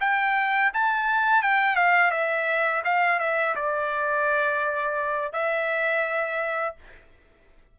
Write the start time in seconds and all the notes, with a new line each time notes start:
0.00 G5
0.73 A5
1.42 G5
1.76 F5
2.11 E5
2.84 F5
3.19 E5
3.55 D5
5.32 E5